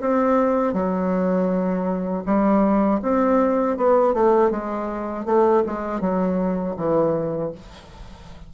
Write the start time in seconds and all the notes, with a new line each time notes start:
0.00 C4
0.73 F#3
2.26 G3
3.02 C4
3.77 B3
4.14 A3
4.51 G#3
5.25 A3
5.66 G#3
6.00 F#3
6.77 E3